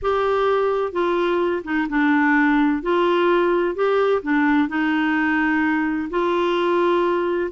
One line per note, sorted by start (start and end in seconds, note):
0.02 0.92 G4
0.92 1.62 F4
1.64 1.87 D#4
1.89 2.82 D4
2.82 3.75 F4
3.75 4.22 G4
4.22 4.68 D4
4.68 6.09 D#4
6.10 7.50 F4